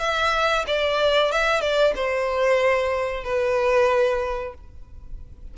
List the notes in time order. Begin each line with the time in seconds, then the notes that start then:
0.00 E5
0.67 D5
1.32 E5
1.61 D5
1.95 C5
3.24 B4